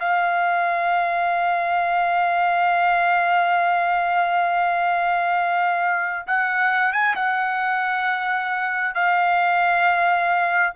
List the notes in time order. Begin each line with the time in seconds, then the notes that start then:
0.00 F5
6.27 F#5
6.93 G#5
7.16 F#5
8.95 F5